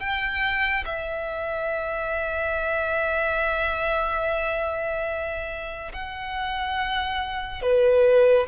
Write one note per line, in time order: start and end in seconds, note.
0.00 0.85 G5
0.86 5.93 E5
5.93 7.62 F#5
7.62 8.47 B4